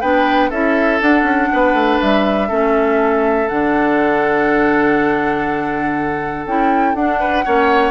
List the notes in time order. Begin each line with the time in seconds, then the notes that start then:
0.00 B3 D4 B4 G5
0.49 C#4 E4 A4 E5
1.01 D4 F#5
1.22 C#4
1.52 B3 B4
1.73 A3
2.00 G3 E5
2.48 A3 C#4 A4
3.48 D3 D4 F#5
6.46 C#4 E4 G5
6.94 D4 F#5
7.19 B4
7.44 A#3 C#4 C#5